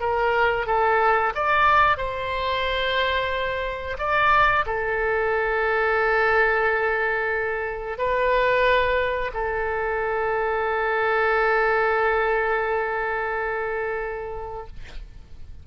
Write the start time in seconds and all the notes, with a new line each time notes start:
0.00 A#4
0.67 A4
1.35 D5
1.97 C5
3.98 D5
4.66 A4
7.98 B4
9.34 A4